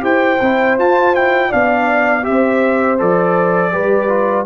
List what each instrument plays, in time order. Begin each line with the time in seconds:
0.00 tuba E4, trombone G4, horn C5, trumpet G5
0.41 tuba C4, trombone E4
0.78 tuba F4, trombone F4, trumpet A5
1.15 trombone E4, trumpet G5
1.49 tuba B3, trombone D4, horn D5, trumpet F5
2.23 tuba C4, trombone G4, trumpet E5
2.29 horn C5
2.99 tuba F3, trombone A4, trumpet D5
3.72 tuba G3, trombone G4, horn B4
4.08 trombone F4